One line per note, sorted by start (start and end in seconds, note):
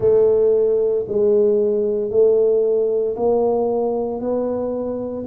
0.00 1.05 A3
1.08 2.10 G#3
2.10 3.15 A3
3.16 4.20 A#3
4.20 5.25 B3